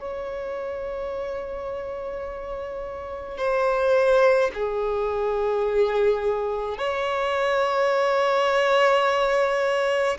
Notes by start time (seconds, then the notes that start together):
0.00 C#5
3.38 C5
4.54 G#4
6.78 C#5